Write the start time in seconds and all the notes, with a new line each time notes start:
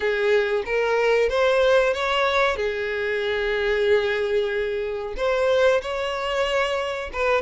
0.00 G#4
0.65 A#4
1.29 C5
1.93 C#5
2.56 G#4
5.16 C5
5.81 C#5
7.13 B4